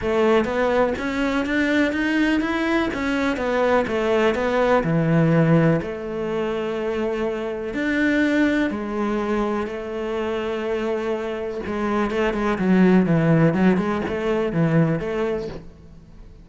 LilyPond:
\new Staff \with { instrumentName = "cello" } { \time 4/4 \tempo 4 = 124 a4 b4 cis'4 d'4 | dis'4 e'4 cis'4 b4 | a4 b4 e2 | a1 |
d'2 gis2 | a1 | gis4 a8 gis8 fis4 e4 | fis8 gis8 a4 e4 a4 | }